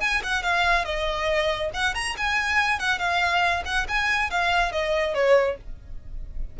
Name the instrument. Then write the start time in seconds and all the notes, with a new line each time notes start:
violin
0.00 G#5
0.23 F#5
0.42 F5
0.85 D#5
1.73 F#5
1.94 A#5
2.17 G#5
2.79 F#5
2.98 F5
3.65 F#5
3.88 G#5
4.30 F5
4.72 D#5
5.14 C#5